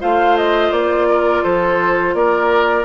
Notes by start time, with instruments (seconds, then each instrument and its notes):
0.00 bassoon A3, clarinet F4, oboe C5, flute F5
0.37 flute D#5
0.72 bassoon A#3, flute D5
1.09 oboe A#4
1.43 bassoon F3, oboe A4, flute C5
2.14 bassoon A#3, oboe A#4, flute D5